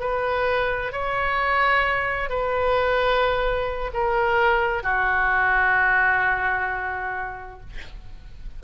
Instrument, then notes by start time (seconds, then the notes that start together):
oboe
0.00 B4
0.92 C#5
2.30 B4
3.94 A#4
4.83 F#4